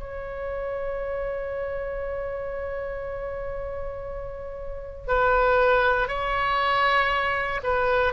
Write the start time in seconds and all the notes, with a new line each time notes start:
0.00 C#5
5.08 B4
6.09 C#5
7.64 B4